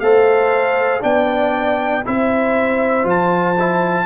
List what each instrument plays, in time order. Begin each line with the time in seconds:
0.00 tuba A3, trombone A4, horn C5, trumpet F5
1.01 tuba B3, trombone D4, horn D5, trumpet G5
2.06 tuba C4, trombone E4, horn C5, trumpet E5
3.04 tuba F3, trombone F4, trumpet A5
3.59 trombone E4